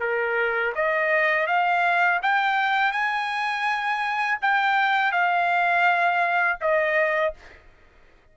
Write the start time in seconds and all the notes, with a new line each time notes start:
0.00 A#4
0.75 D#5
1.47 F5
2.22 G5
2.92 G#5
4.41 G5
5.12 F5
6.61 D#5